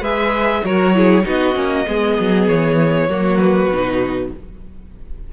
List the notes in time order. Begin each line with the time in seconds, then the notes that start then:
0.00 G#3 G#4 B4 E5
0.64 F#3 F#4 A#4 C#5
0.95 E4 G#4
1.23 B3 D#4 F#4 D#5
1.54 A#3 C#4
1.86 G#3 B3 G#4
2.19 F#3
2.48 E3 C#5
3.08 F#3 A#3 F#4
3.37 B4
3.69 B2 D#4